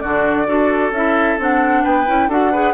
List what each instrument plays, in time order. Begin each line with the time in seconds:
0.00 bassoon D3, clarinet D4, oboe F#4, flute D5
0.47 bassoon D4, clarinet F#4, oboe A4
0.91 bassoon C#4, clarinet E4, flute E5
1.39 bassoon C4, clarinet D4, flute F#5
1.83 bassoon B3, oboe B4, flute G5
2.06 bassoon C#4, clarinet E4
2.28 bassoon D4, clarinet F#4, oboe A4, flute F#5
2.51 clarinet G#4, oboe B4